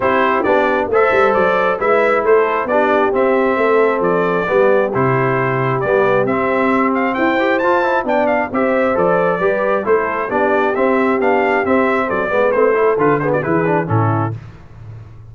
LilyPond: <<
  \new Staff \with { instrumentName = "trumpet" } { \time 4/4 \tempo 4 = 134 c''4 d''4 e''4 d''4 | e''4 c''4 d''4 e''4~ | e''4 d''2 c''4~ | c''4 d''4 e''4. f''8 |
g''4 a''4 g''8 f''8 e''4 | d''2 c''4 d''4 | e''4 f''4 e''4 d''4 | c''4 b'8 c''16 d''16 b'4 a'4 | }
  \new Staff \with { instrumentName = "horn" } { \time 4/4 g'2 c''2 | b'4 a'4 g'2 | a'2 g'2~ | g'1 |
c''2 d''4 c''4~ | c''4 b'4 a'4 g'4~ | g'2. a'8 b'8~ | b'8 a'4 gis'16 fis'16 gis'4 e'4 | }
  \new Staff \with { instrumentName = "trombone" } { \time 4/4 e'4 d'4 a'2 | e'2 d'4 c'4~ | c'2 b4 e'4~ | e'4 b4 c'2~ |
c'8 g'8 f'8 e'8 d'4 g'4 | a'4 g'4 e'4 d'4 | c'4 d'4 c'4. b8 | c'8 e'8 f'8 b8 e'8 d'8 cis'4 | }
  \new Staff \with { instrumentName = "tuba" } { \time 4/4 c'4 b4 a8 g8 fis4 | gis4 a4 b4 c'4 | a4 f4 g4 c4~ | c4 g4 c'2 |
e'4 f'4 b4 c'4 | f4 g4 a4 b4 | c'4 b4 c'4 fis8 gis8 | a4 d4 e4 a,4 | }
>>